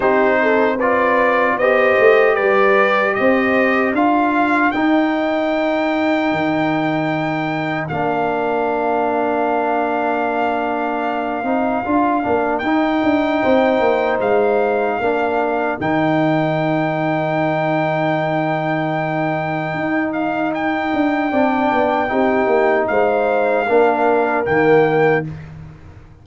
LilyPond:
<<
  \new Staff \with { instrumentName = "trumpet" } { \time 4/4 \tempo 4 = 76 c''4 d''4 dis''4 d''4 | dis''4 f''4 g''2~ | g''2 f''2~ | f''1 |
g''2 f''2 | g''1~ | g''4. f''8 g''2~ | g''4 f''2 g''4 | }
  \new Staff \with { instrumentName = "horn" } { \time 4/4 g'8 a'8 b'4 c''4 b'4 | c''4 ais'2.~ | ais'1~ | ais'1~ |
ais'4 c''2 ais'4~ | ais'1~ | ais'2. d''4 | g'4 c''4 ais'2 | }
  \new Staff \with { instrumentName = "trombone" } { \time 4/4 dis'4 f'4 g'2~ | g'4 f'4 dis'2~ | dis'2 d'2~ | d'2~ d'8 dis'8 f'8 d'8 |
dis'2. d'4 | dis'1~ | dis'2. d'4 | dis'2 d'4 ais4 | }
  \new Staff \with { instrumentName = "tuba" } { \time 4/4 c'2 b8 a8 g4 | c'4 d'4 dis'2 | dis2 ais2~ | ais2~ ais8 c'8 d'8 ais8 |
dis'8 d'8 c'8 ais8 gis4 ais4 | dis1~ | dis4 dis'4. d'8 c'8 b8 | c'8 ais8 gis4 ais4 dis4 | }
>>